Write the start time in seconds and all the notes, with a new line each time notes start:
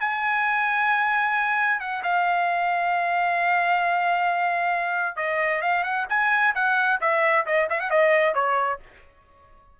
0.00 G#5
1.80 F#5
2.03 F5
5.16 D#5
5.62 F5
5.83 F#5
6.09 G#5
6.55 F#5
7.01 E5
7.46 D#5
7.70 E5
7.80 F#5
7.90 D#5
8.34 C#5